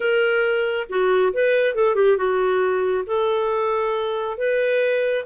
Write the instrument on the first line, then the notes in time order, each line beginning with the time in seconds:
clarinet
0.00 A#4
0.89 F#4
1.33 B4
1.75 A4
1.95 G4
2.17 F#4
3.06 A4
4.37 B4